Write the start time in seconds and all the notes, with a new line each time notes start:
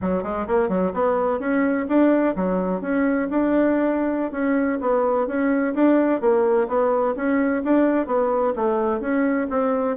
0.01 F#3
0.23 G#3
0.47 A#3
0.68 F#3
0.93 B3
1.39 C#4
1.88 D4
2.35 F#3
2.81 C#4
3.30 D4
4.31 C#4
4.80 B3
5.27 C#4
5.74 D4
6.20 A#3
6.68 B3
7.16 C#4
7.63 D4
8.06 B3
8.55 A3
9.00 C#4
9.50 C4